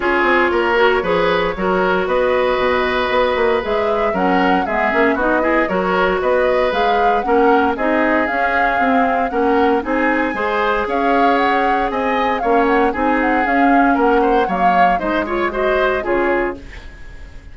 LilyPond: <<
  \new Staff \with { instrumentName = "flute" } { \time 4/4 \tempo 4 = 116 cis''1 | dis''2. e''4 | fis''4 e''4 dis''4 cis''4 | dis''4 f''4 fis''4 dis''4 |
f''2 fis''4 gis''4~ | gis''4 f''4 fis''4 gis''4 | f''8 fis''8 gis''8 fis''8 f''4 fis''4 | f''4 dis''8 cis''8 dis''4 cis''4 | }
  \new Staff \with { instrumentName = "oboe" } { \time 4/4 gis'4 ais'4 b'4 ais'4 | b'1 | ais'4 gis'4 fis'8 gis'8 ais'4 | b'2 ais'4 gis'4~ |
gis'2 ais'4 gis'4 | c''4 cis''2 dis''4 | cis''4 gis'2 ais'8 c''8 | cis''4 c''8 cis''8 c''4 gis'4 | }
  \new Staff \with { instrumentName = "clarinet" } { \time 4/4 f'4. fis'8 gis'4 fis'4~ | fis'2. gis'4 | cis'4 b8 cis'8 dis'8 e'8 fis'4~ | fis'4 gis'4 cis'4 dis'4 |
cis'4 c'4 cis'4 dis'4 | gis'1 | cis'4 dis'4 cis'2 | ais4 dis'8 f'8 fis'4 f'4 | }
  \new Staff \with { instrumentName = "bassoon" } { \time 4/4 cis'8 c'8 ais4 f4 fis4 | b4 b,4 b8 ais8 gis4 | fis4 gis8 ais8 b4 fis4 | b4 gis4 ais4 c'4 |
cis'4 c'4 ais4 c'4 | gis4 cis'2 c'4 | ais4 c'4 cis'4 ais4 | fis4 gis2 cis4 | }
>>